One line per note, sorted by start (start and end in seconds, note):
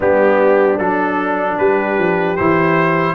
0.00 0.79 G3
0.00 0.79 B3
0.00 1.56 D4
0.00 0.78 G4
0.78 1.58 F#3
0.78 2.37 D4
0.78 1.57 A4
1.58 1.98 G3
1.58 3.14 G4
1.58 2.36 B4
1.98 2.37 F3
2.36 3.14 E3
2.36 3.14 E4
2.36 3.14 C5